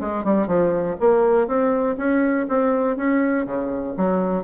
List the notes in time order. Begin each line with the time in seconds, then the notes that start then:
0.00 G#3
0.24 G3
0.47 F3
1.00 A#3
1.47 C4
1.97 C#4
2.49 C4
2.97 C#4
3.46 C#3
3.97 F#3